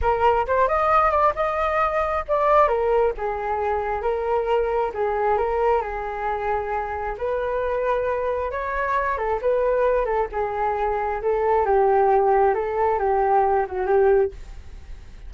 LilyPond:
\new Staff \with { instrumentName = "flute" } { \time 4/4 \tempo 4 = 134 ais'4 c''8 dis''4 d''8 dis''4~ | dis''4 d''4 ais'4 gis'4~ | gis'4 ais'2 gis'4 | ais'4 gis'2. |
b'2. cis''4~ | cis''8 a'8 b'4. a'8 gis'4~ | gis'4 a'4 g'2 | a'4 g'4. fis'8 g'4 | }